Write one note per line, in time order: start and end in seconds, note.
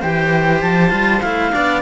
0.00 0.62 E3
0.00 0.90 G4
0.00 1.52 C5
0.00 0.61 G5
0.61 0.91 F3
0.61 1.21 A5
0.90 1.22 G3
0.90 1.20 F4
1.21 1.53 A3
1.21 1.52 E4
1.21 1.81 F5
1.52 1.81 B3
1.52 1.81 D4
1.52 1.81 D5